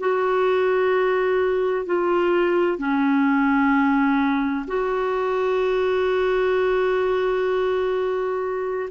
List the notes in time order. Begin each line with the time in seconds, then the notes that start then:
0.00 F#4
1.86 F4
2.78 C#4
4.67 F#4